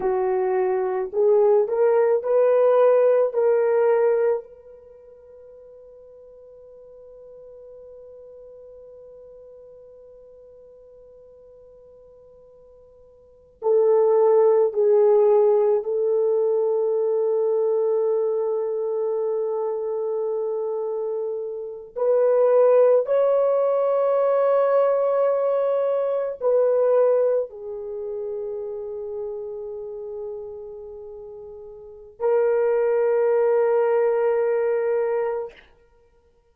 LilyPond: \new Staff \with { instrumentName = "horn" } { \time 4/4 \tempo 4 = 54 fis'4 gis'8 ais'8 b'4 ais'4 | b'1~ | b'1~ | b'16 a'4 gis'4 a'4.~ a'16~ |
a'2.~ a'8. b'16~ | b'8. cis''2. b'16~ | b'8. gis'2.~ gis'16~ | gis'4 ais'2. | }